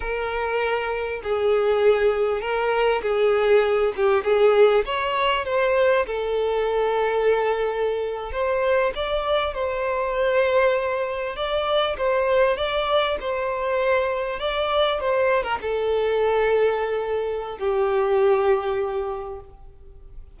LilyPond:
\new Staff \with { instrumentName = "violin" } { \time 4/4 \tempo 4 = 99 ais'2 gis'2 | ais'4 gis'4. g'8 gis'4 | cis''4 c''4 a'2~ | a'4.~ a'16 c''4 d''4 c''16~ |
c''2~ c''8. d''4 c''16~ | c''8. d''4 c''2 d''16~ | d''8. c''8. ais'16 a'2~ a'16~ | a'4 g'2. | }